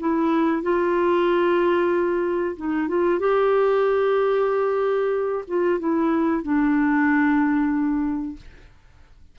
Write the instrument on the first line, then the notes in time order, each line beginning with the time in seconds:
clarinet
0.00 E4
0.63 F4
2.57 D#4
2.89 F4
3.19 G4
5.48 F4
5.79 E4
6.43 D4